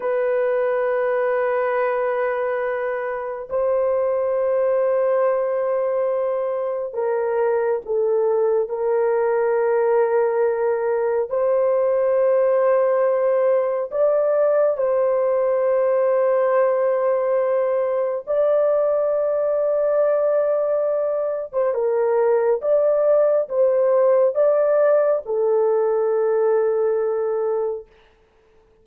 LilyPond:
\new Staff \with { instrumentName = "horn" } { \time 4/4 \tempo 4 = 69 b'1 | c''1 | ais'4 a'4 ais'2~ | ais'4 c''2. |
d''4 c''2.~ | c''4 d''2.~ | d''8. c''16 ais'4 d''4 c''4 | d''4 a'2. | }